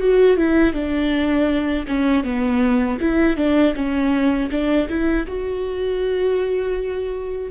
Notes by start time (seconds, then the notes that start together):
0.00 F#4
0.37 E4
0.73 D4
1.87 C#4
2.24 B3
3.00 E4
3.36 D4
3.75 C#4
4.51 D4
4.89 E4
5.27 F#4